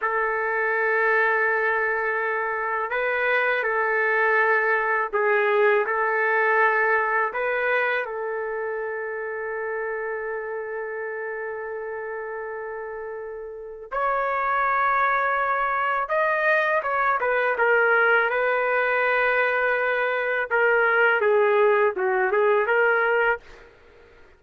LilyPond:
\new Staff \with { instrumentName = "trumpet" } { \time 4/4 \tempo 4 = 82 a'1 | b'4 a'2 gis'4 | a'2 b'4 a'4~ | a'1~ |
a'2. cis''4~ | cis''2 dis''4 cis''8 b'8 | ais'4 b'2. | ais'4 gis'4 fis'8 gis'8 ais'4 | }